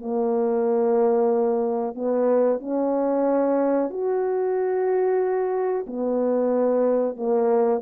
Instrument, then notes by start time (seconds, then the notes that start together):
horn
0.00 A#3
1.94 B3
2.59 C#4
3.90 F#4
5.87 B3
7.16 A#3